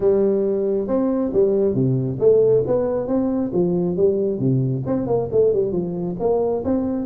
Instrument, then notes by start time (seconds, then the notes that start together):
tuba
0.00 G3
0.87 C4
1.33 G3
1.74 C3
2.19 A3
2.66 B3
3.07 C4
3.53 F3
3.96 G3
4.39 C3
4.85 C4
5.07 A#3
5.31 A3
5.53 G3
5.72 F3
6.19 A#3
6.64 C4